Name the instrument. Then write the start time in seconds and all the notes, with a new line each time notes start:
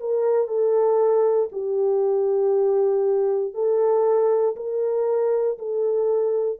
horn
0.00 A#4
0.48 A4
1.52 G4
3.54 A4
4.56 A#4
5.58 A4